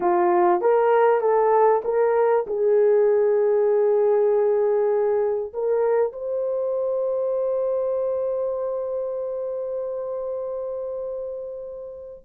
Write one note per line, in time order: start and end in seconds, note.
0.00 0.61 F4
0.61 1.21 A#4
1.21 1.82 A4
1.84 2.45 A#4
2.46 5.52 G#4
5.53 6.12 A#4
6.12 12.24 C5